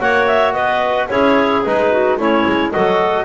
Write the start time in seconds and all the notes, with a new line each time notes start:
0.00 A#3 F#4 C#5 F#5
0.27 E5
0.53 B3 B4 D#5
1.09 C#4 E4 G#4 C#5
1.65 G#3 D#4 B4
1.91 F#4
2.17 A3 C#4 E4 C#5
2.46 G#3
2.71 F#3 F#4 A4 D#5